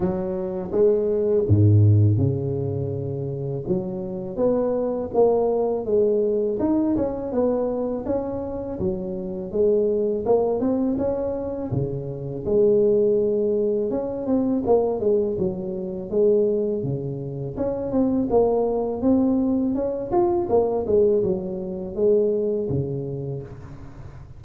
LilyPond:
\new Staff \with { instrumentName = "tuba" } { \time 4/4 \tempo 4 = 82 fis4 gis4 gis,4 cis4~ | cis4 fis4 b4 ais4 | gis4 dis'8 cis'8 b4 cis'4 | fis4 gis4 ais8 c'8 cis'4 |
cis4 gis2 cis'8 c'8 | ais8 gis8 fis4 gis4 cis4 | cis'8 c'8 ais4 c'4 cis'8 f'8 | ais8 gis8 fis4 gis4 cis4 | }